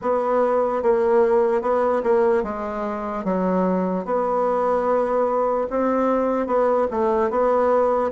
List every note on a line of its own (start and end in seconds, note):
0.01 0.82 B3
0.82 1.61 A#3
1.61 2.02 B3
2.03 2.43 A#3
2.43 3.24 G#3
3.24 4.05 F#3
4.05 5.67 B3
5.69 6.46 C4
6.46 6.87 B3
6.91 7.30 A3
7.30 8.11 B3